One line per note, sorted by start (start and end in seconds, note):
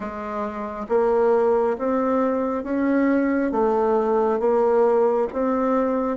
0.00 0.86 G#3
0.88 1.76 A#3
1.78 2.63 C4
2.63 3.51 C#4
3.51 4.39 A3
4.39 5.27 A#3
5.33 6.17 C4